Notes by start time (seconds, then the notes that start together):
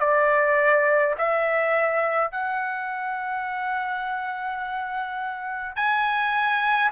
0.00 D5
1.19 E5
2.31 F#5
5.76 G#5